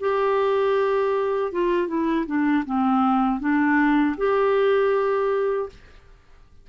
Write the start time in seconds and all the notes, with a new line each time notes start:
0.00 G4
1.52 F4
1.87 E4
2.26 D4
2.65 C4
3.40 D4
4.17 G4